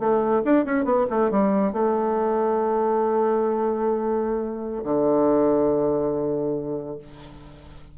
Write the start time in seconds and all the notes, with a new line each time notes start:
0.00 A3
0.45 D4
0.66 C#4
0.85 B3
1.11 A3
1.31 G3
1.73 A3
4.84 D3